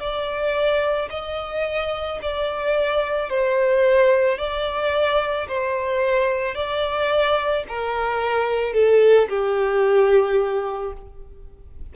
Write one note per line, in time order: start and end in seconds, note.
0.00 1.09 D5
1.10 2.19 D#5
2.22 3.30 D5
3.30 4.38 C5
4.38 5.47 D5
5.48 6.55 C5
6.55 7.64 D5
7.69 8.74 A#4
8.74 9.28 A4
9.29 10.93 G4